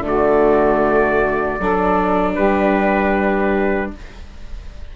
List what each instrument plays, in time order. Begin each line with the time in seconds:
0.00 bassoon D3, viola A3, saxophone F#4
0.07 trumpet D5
1.59 bassoon F#3, viola D4, saxophone A4
2.35 bassoon G3, saxophone G4, trumpet B4